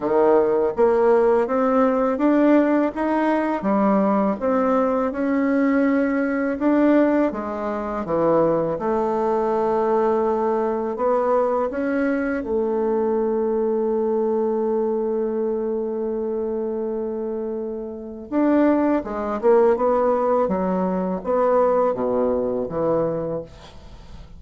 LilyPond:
\new Staff \with { instrumentName = "bassoon" } { \time 4/4 \tempo 4 = 82 dis4 ais4 c'4 d'4 | dis'4 g4 c'4 cis'4~ | cis'4 d'4 gis4 e4 | a2. b4 |
cis'4 a2.~ | a1~ | a4 d'4 gis8 ais8 b4 | fis4 b4 b,4 e4 | }